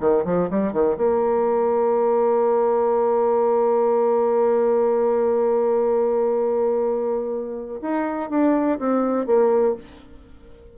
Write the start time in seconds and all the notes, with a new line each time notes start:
0.00 D#3
0.25 F3
0.50 G3
0.72 D#3
0.97 A#3
7.81 D#4
8.30 D4
8.79 C4
9.26 A#3